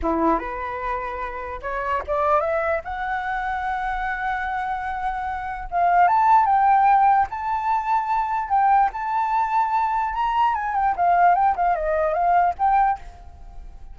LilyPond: \new Staff \with { instrumentName = "flute" } { \time 4/4 \tempo 4 = 148 e'4 b'2. | cis''4 d''4 e''4 fis''4~ | fis''1~ | fis''2 f''4 a''4 |
g''2 a''2~ | a''4 g''4 a''2~ | a''4 ais''4 gis''8 g''8 f''4 | g''8 f''8 dis''4 f''4 g''4 | }